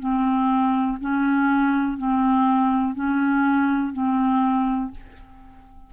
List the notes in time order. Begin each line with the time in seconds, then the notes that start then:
0.00 C4
1.01 C#4
1.98 C4
2.95 C#4
3.93 C4